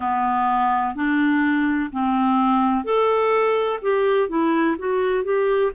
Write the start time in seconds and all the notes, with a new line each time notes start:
0.00 B3
0.95 D4
1.92 C4
2.84 A4
3.82 G4
4.29 E4
4.78 F#4
5.23 G4